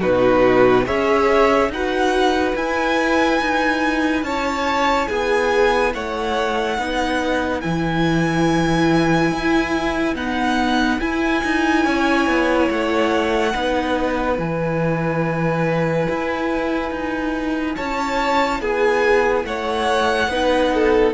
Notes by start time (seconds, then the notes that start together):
0.00 B2 D#4 F#4 B4
0.85 C#4 G#4 C#5 E5
1.69 D#4 F#4 B4 F#5
2.55 E4 G#5
3.40 D#4
4.22 C#4 C#5 A5
5.08 B3 G#4 G#5
5.94 A3 C#5 F#5
6.77 B3 D#4 B4
7.60 E3 E4 G#5
9.31 E4
10.15 B3 D#4 F#5
10.99 E4 G#5
11.44 D#4
11.83 C#4 C#5
12.26 B3
12.69 A3 F#5
13.53 B3 D#4 B4
14.36 E3 E4 G#5
16.09 E4
16.91 D#4
17.76 C#4 C#5 A5
18.60 B3 G#4 G#5
19.44 A3 C#5 F#5
20.27 B3 D#4 B4
20.74 A4